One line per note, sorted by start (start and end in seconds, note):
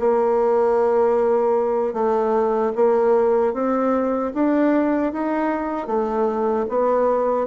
0.00 1.94 A#3
1.94 2.73 A3
2.76 3.53 A#3
3.53 4.32 C4
4.35 5.13 D4
5.13 5.87 D#4
5.87 6.66 A3
6.69 7.47 B3